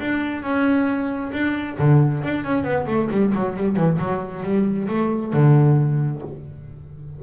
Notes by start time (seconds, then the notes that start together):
0.00 D4
0.43 C#4
1.33 D4
1.79 D3
2.24 D4
2.44 C#4
2.64 B3
2.87 A3
3.12 G3
3.35 F#3
3.57 G3
3.77 E3
3.99 F#3
4.44 G3
4.89 A3
5.33 D3